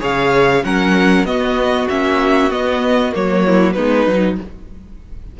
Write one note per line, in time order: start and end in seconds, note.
0.00 0.64 C#3
0.00 0.62 G#4
0.00 0.63 C#5
0.00 0.65 F5
0.64 1.25 F#3
0.64 1.26 C#4
0.64 1.27 A#4
0.64 1.26 F#5
1.25 1.87 B3
1.25 1.89 B3
1.25 3.46 F#4
1.25 1.89 D#5
1.89 2.51 A#3
1.89 2.51 C#4
1.89 2.51 E5
2.51 3.12 B3
2.51 3.13 B3
2.51 3.14 D#5
3.12 3.77 F#3
3.12 3.75 A#3
3.12 3.73 C#5
3.46 3.75 E4
3.73 4.07 G#3
3.73 4.08 B3
3.73 4.38 D#4
3.73 4.36 B4
4.07 4.38 F#3
4.07 4.40 D#4